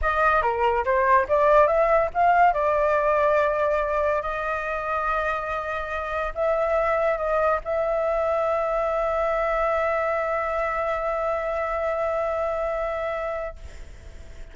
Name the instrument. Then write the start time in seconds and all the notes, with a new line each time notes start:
flute
0.01 D#5
0.41 A#4
0.84 C5
1.28 D5
1.67 E5
2.14 F5
2.53 D5
4.22 D#5
6.34 E5
7.17 D#5
7.64 E5